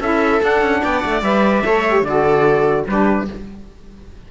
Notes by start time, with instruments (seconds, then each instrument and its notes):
0.00 cello C#4, saxophone E4, viola A4, trumpet E5
0.40 saxophone D4, cello D4, trumpet F#5
0.62 cello C#4
0.83 cello B3, viola D5, trumpet G5
1.01 cello A3, trumpet F#5
1.23 cello G3, saxophone B4, trumpet E5
1.64 cello A3, saxophone A4, viola C#5
1.89 saxophone G4
2.02 cello D3, saxophone F#4, viola A4, trumpet D5
2.87 cello G3, saxophone D4, viola G4, trumpet B4